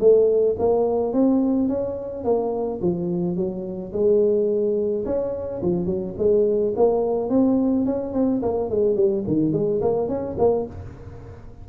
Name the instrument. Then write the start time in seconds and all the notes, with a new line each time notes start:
tuba
0.00 A3
0.59 A#3
1.13 C4
1.69 C#4
2.25 A#3
2.82 F3
3.37 F#3
3.93 G#3
5.06 C#4
5.63 F3
5.86 F#3
6.18 G#3
6.77 A#3
7.30 C4
7.86 C#4
8.14 C4
8.43 A#3
8.70 G#3
8.96 G3
9.27 D#3
9.53 G#3
9.82 A#3
10.09 C#4
10.39 A#3